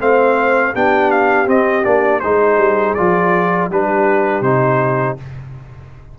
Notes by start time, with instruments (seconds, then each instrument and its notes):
0.00 tuba A3, trombone C4, horn C5, trumpet F5
0.74 tuba B3, trombone D4, horn G4, trumpet G5
1.11 trumpet F5
1.46 trombone C4, tuba C4, trumpet D#5
1.84 tuba A#3, trombone D4, trumpet D5
2.20 tuba G#3, trombone D#4, horn G#4, trumpet C5
2.58 tuba G3
2.95 tuba F3, trombone F4, trumpet D5
3.71 tuba G3, trombone D4, horn G4, trumpet B4
4.41 tuba C3, trombone D#4, trumpet C5